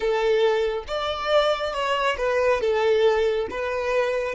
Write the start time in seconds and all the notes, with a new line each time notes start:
0.00 A4
0.87 D5
1.73 C#5
2.17 B4
2.60 A4
3.50 B4